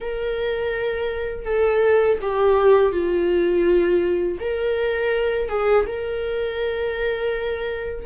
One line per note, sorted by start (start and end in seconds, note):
0.00 1.45 A#4
1.45 2.18 A4
2.21 2.91 G4
2.91 4.38 F4
4.40 5.48 A#4
5.48 5.85 G#4
5.86 8.06 A#4